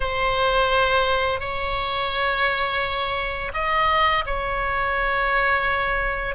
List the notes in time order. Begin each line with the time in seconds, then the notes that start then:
0.00 C5
1.40 C#5
3.53 D#5
4.25 C#5